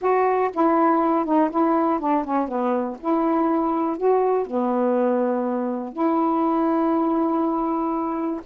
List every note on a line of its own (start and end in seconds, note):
0.01 0.50 F#4
0.53 1.25 E4
1.25 1.50 D#4
1.50 1.99 E4
1.99 2.24 D4
2.24 2.48 C#4
2.48 2.97 B3
3.00 3.97 E4
3.97 4.46 F#4
4.46 5.93 B3
5.93 8.40 E4